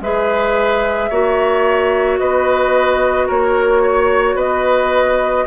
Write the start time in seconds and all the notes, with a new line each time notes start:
0.00 G#3 G#4 B4 E5
1.10 A#3 F#4 C#5
2.18 B3 B4 D#5
3.27 A#3 A#4 C#5
3.82 C#5
4.35 B3 B4 D#5